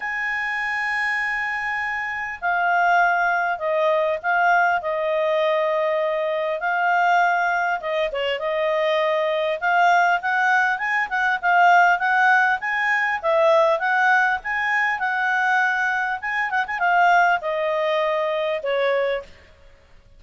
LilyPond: \new Staff \with { instrumentName = "clarinet" } { \time 4/4 \tempo 4 = 100 gis''1 | f''2 dis''4 f''4 | dis''2. f''4~ | f''4 dis''8 cis''8 dis''2 |
f''4 fis''4 gis''8 fis''8 f''4 | fis''4 gis''4 e''4 fis''4 | gis''4 fis''2 gis''8 fis''16 gis''16 | f''4 dis''2 cis''4 | }